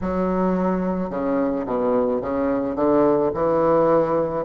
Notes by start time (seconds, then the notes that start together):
0.01 F#3
1.10 C#3
1.66 B2
2.21 C#3
2.75 D3
3.33 E3